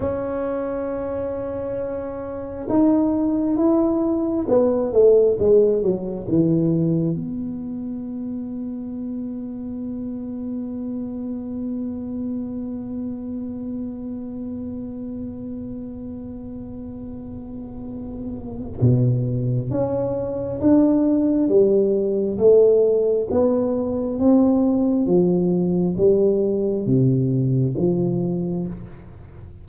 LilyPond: \new Staff \with { instrumentName = "tuba" } { \time 4/4 \tempo 4 = 67 cis'2. dis'4 | e'4 b8 a8 gis8 fis8 e4 | b1~ | b1~ |
b1~ | b4 b,4 cis'4 d'4 | g4 a4 b4 c'4 | f4 g4 c4 f4 | }